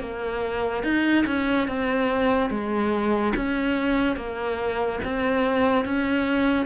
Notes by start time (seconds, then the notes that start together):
0.00 A#3
0.83 D#4
1.26 C#4
1.67 C4
2.50 G#3
3.36 C#4
4.16 A#3
5.04 C4
5.85 C#4